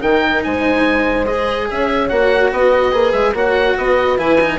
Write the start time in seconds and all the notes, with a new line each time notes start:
0.00 D#3 D#4 A#4 G5
0.43 G#3 C5 G#5
1.26 G#4 D#5
1.70 C#4 C#5 E5
2.08 A#3 F#4 F#5
2.51 B3 B4 D#5
2.91 A#3 G#4
3.12 G#3 E5
3.33 A#3 F#4 C#5 F#5
3.76 B3 B4 D#5
4.18 E3 E4 G#5
4.41 D#4